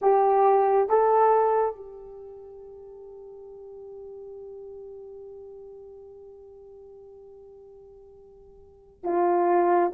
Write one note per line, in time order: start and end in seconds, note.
0.01 0.89 G4
0.89 1.75 A4
1.75 9.03 G4
9.03 9.91 F4